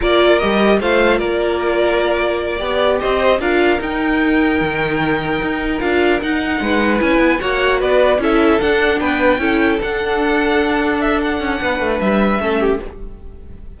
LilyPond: <<
  \new Staff \with { instrumentName = "violin" } { \time 4/4 \tempo 4 = 150 d''4 dis''4 f''4 d''4~ | d''2.~ d''8 dis''8~ | dis''8 f''4 g''2~ g''8~ | g''2~ g''8 f''4 fis''8~ |
fis''4. gis''4 fis''4 d''8~ | d''8 e''4 fis''4 g''4.~ | g''8 fis''2. e''8 | fis''2 e''2 | }
  \new Staff \with { instrumentName = "violin" } { \time 4/4 ais'2 c''4 ais'4~ | ais'2~ ais'8 d''4 c''8~ | c''8 ais'2.~ ais'8~ | ais'1~ |
ais'8 b'2 cis''4 b'8~ | b'8 a'2 b'4 a'8~ | a'1~ | a'4 b'2 a'8 g'8 | }
  \new Staff \with { instrumentName = "viola" } { \time 4/4 f'4 g'4 f'2~ | f'2~ f'8 g'4.~ | g'8 f'4 dis'2~ dis'8~ | dis'2~ dis'8 f'4 dis'8~ |
dis'4. e'4 fis'4.~ | fis'8 e'4 d'2 e'8~ | e'8 d'2.~ d'8~ | d'2. cis'4 | }
  \new Staff \with { instrumentName = "cello" } { \time 4/4 ais4 g4 a4 ais4~ | ais2~ ais8 b4 c'8~ | c'8 d'4 dis'2 dis8~ | dis4. dis'4 d'4 dis'8~ |
dis'8 gis4 cis'8 b8 ais4 b8~ | b8 cis'4 d'4 b4 cis'8~ | cis'8 d'2.~ d'8~ | d'8 cis'8 b8 a8 g4 a4 | }
>>